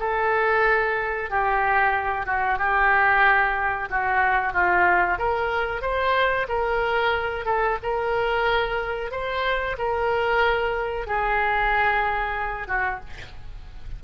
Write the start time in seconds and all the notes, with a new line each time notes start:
0.00 A4
1.30 G4
2.26 F#4
2.59 G4
3.90 F#4
4.54 F4
5.19 A#4
5.82 C5
6.49 A#4
7.46 A4
7.83 A#4
9.12 C5
9.78 A#4
11.07 G#4
12.68 F#4